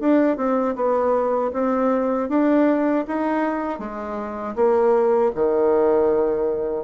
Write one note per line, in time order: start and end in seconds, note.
0.00 0.37 D4
0.37 0.75 C4
0.75 1.51 B3
1.53 2.29 C4
2.29 3.04 D4
3.07 3.78 D#4
3.78 4.54 G#3
4.55 5.31 A#3
5.35 6.84 D#3